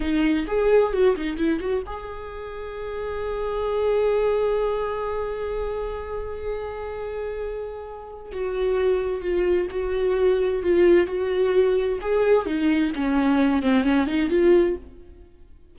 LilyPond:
\new Staff \with { instrumentName = "viola" } { \time 4/4 \tempo 4 = 130 dis'4 gis'4 fis'8 dis'8 e'8 fis'8 | gis'1~ | gis'1~ | gis'1~ |
gis'2 fis'2 | f'4 fis'2 f'4 | fis'2 gis'4 dis'4 | cis'4. c'8 cis'8 dis'8 f'4 | }